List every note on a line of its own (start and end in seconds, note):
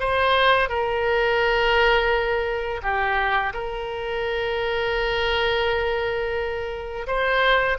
0.00 0.69 C5
0.69 2.81 A#4
2.83 3.53 G4
3.54 7.07 A#4
7.07 7.78 C5